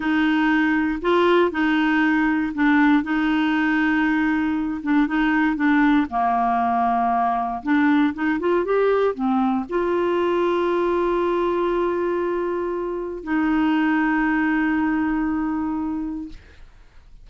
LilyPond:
\new Staff \with { instrumentName = "clarinet" } { \time 4/4 \tempo 4 = 118 dis'2 f'4 dis'4~ | dis'4 d'4 dis'2~ | dis'4. d'8 dis'4 d'4 | ais2. d'4 |
dis'8 f'8 g'4 c'4 f'4~ | f'1~ | f'2 dis'2~ | dis'1 | }